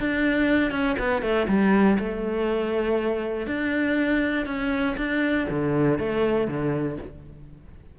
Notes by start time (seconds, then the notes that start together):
0.00 D4
0.72 C#4
0.99 B3
1.22 A3
1.49 G3
1.99 A3
3.47 D4
4.46 C#4
4.98 D4
5.50 D3
5.99 A3
6.48 D3